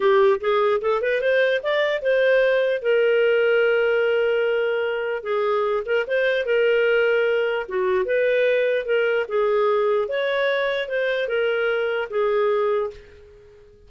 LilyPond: \new Staff \with { instrumentName = "clarinet" } { \time 4/4 \tempo 4 = 149 g'4 gis'4 a'8 b'8 c''4 | d''4 c''2 ais'4~ | ais'1~ | ais'4 gis'4. ais'8 c''4 |
ais'2. fis'4 | b'2 ais'4 gis'4~ | gis'4 cis''2 c''4 | ais'2 gis'2 | }